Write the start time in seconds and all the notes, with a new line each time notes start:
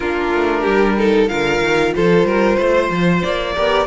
0.00 A#3 D4 F4 A#4
0.34 A3
0.61 G3 G4
0.98 D#4 A4
1.28 D3 F4 A#4 F5
1.60 D#3
1.95 F3 A4 C5
2.24 G3 A#4
2.56 A3 C5
2.89 F3
3.23 A#3 D5
3.55 B3 G4 A#4